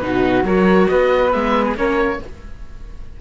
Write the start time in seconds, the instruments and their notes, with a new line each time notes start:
0.00 cello B2, viola D#4, flute F#4, oboe B4
0.43 cello F#3, viola F#4, flute A#4, oboe C#5
0.88 cello B3, flute B4, oboe D#5
1.32 cello G#3, viola B3, oboe E5
1.65 oboe G#4
1.76 cello A#3, viola C#4, flute A#4, oboe C#5